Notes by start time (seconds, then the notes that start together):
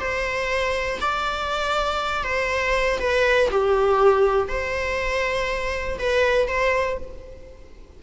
0.00 C5
1.01 D5
2.24 C5
3.00 B4
3.51 G4
4.49 C5
5.99 B4
6.48 C5